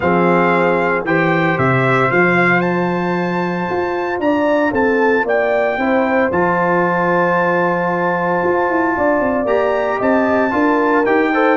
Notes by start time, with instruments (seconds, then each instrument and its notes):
0.00 tuba F3, trombone C4, horn G#4, trumpet F5
1.04 tuba E3, trombone G4, horn C5, trumpet G5
1.58 tuba C3, trumpet E5
2.10 tuba F3, trombone F4, trumpet F5
2.60 trumpet A5
3.70 tuba F4
4.19 tuba D4, horn D5, trumpet A#5
4.71 tuba C4, horn A4, trumpet A5
5.23 tuba A#3, horn D5, trumpet G5
5.77 tuba C4, trombone E4, horn C5
6.31 tuba F3, trombone F4, trumpet A5
8.43 tuba F4
8.69 tuba E4
8.96 tuba D4, horn D5
9.20 tuba C4
9.45 tuba A#3, trombone G4, trumpet A#5
9.98 tuba C4, horn D#5, trumpet A5
10.51 tuba D4, trombone F4, horn A#4
11.05 tuba D#4, trombone G4, trumpet G5
11.33 trombone A4, horn C5